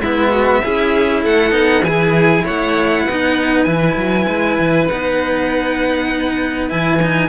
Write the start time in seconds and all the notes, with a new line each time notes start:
0.00 G#3 B3 E4 E5
0.32 F#4
0.63 C#4 E4 G#4
1.23 A3 A4 F#5
1.52 B3 D#4
1.82 E3 E4 G#4 G#5
2.45 A3 C#5 F#5
3.04 B3 B4
3.11 D#4
3.64 E3 E4 G#5
3.97 F#3
4.29 G#3
4.60 E3
4.88 B3 D#4 F#5
6.70 E3 E4 G#5
7.03 D#4